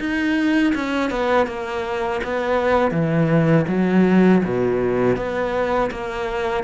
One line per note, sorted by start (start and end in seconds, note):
0.00 0.74 D#4
0.75 1.10 C#4
1.10 1.47 B3
1.47 2.21 A#3
2.24 2.92 B3
2.92 3.66 E3
3.68 4.42 F#3
4.45 5.16 B2
5.16 5.91 B3
5.91 6.64 A#3